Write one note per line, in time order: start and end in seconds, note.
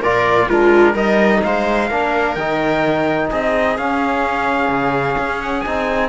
0.00 0.48 A#2
0.00 0.51 F4
0.00 0.47 A#4
0.00 0.49 D5
0.48 0.94 G#3
0.48 0.96 D4
0.48 0.93 F4
0.48 0.96 A#4
0.93 1.41 G3
0.93 1.90 D#4
0.93 1.40 A#4
0.93 1.42 D#5
1.43 1.90 G#3
1.43 1.87 C5
1.43 2.34 F5
1.87 2.36 A#3
1.87 2.38 D4
1.87 3.28 A#4
2.34 3.30 D#3
2.34 3.78 D#4
2.34 3.28 G5
3.30 3.77 C4
3.30 6.09 G#4
3.30 3.77 D#5
3.77 4.68 C#4
3.77 5.65 C#4
3.77 5.41 F5
4.68 5.15 C#3
5.17 5.64 C#4
5.41 5.60 F#5
5.60 6.09 C4
5.60 6.09 D#4
5.60 6.07 G#5